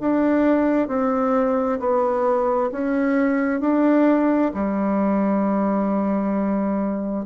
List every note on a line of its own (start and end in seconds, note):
0.00 0.88 D4
0.88 1.79 C4
1.79 2.70 B3
2.71 3.60 C#4
3.60 4.51 D4
4.54 7.25 G3